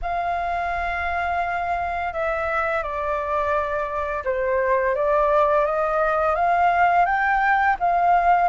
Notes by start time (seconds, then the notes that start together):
0.02 F5
2.13 E5
2.82 D5
4.24 C5
4.95 D5
5.65 D#5
6.35 F5
7.05 G5
7.79 F5